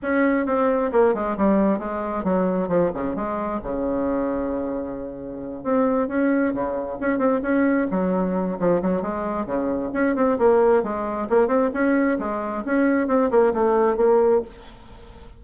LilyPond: \new Staff \with { instrumentName = "bassoon" } { \time 4/4 \tempo 4 = 133 cis'4 c'4 ais8 gis8 g4 | gis4 fis4 f8 cis8 gis4 | cis1~ | cis8 c'4 cis'4 cis4 cis'8 |
c'8 cis'4 fis4. f8 fis8 | gis4 cis4 cis'8 c'8 ais4 | gis4 ais8 c'8 cis'4 gis4 | cis'4 c'8 ais8 a4 ais4 | }